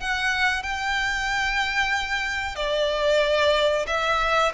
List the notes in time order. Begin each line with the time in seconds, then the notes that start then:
0.00 F#5
0.63 G5
2.56 D5
3.87 E5